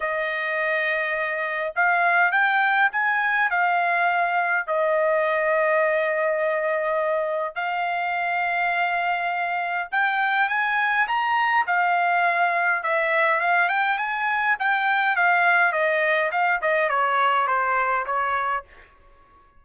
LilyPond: \new Staff \with { instrumentName = "trumpet" } { \time 4/4 \tempo 4 = 103 dis''2. f''4 | g''4 gis''4 f''2 | dis''1~ | dis''4 f''2.~ |
f''4 g''4 gis''4 ais''4 | f''2 e''4 f''8 g''8 | gis''4 g''4 f''4 dis''4 | f''8 dis''8 cis''4 c''4 cis''4 | }